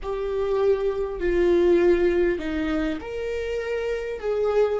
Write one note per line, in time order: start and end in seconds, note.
0.02 1.19 G4
1.19 2.38 F4
2.38 2.98 D#4
3.01 4.20 A#4
4.20 4.79 G#4